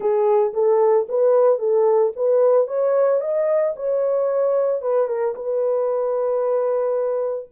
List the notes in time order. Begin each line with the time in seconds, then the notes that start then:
0.00 G#4
0.53 A4
1.09 B4
1.59 A4
2.16 B4
2.67 C#5
3.20 D#5
3.76 C#5
4.81 B4
5.07 A#4
5.35 B4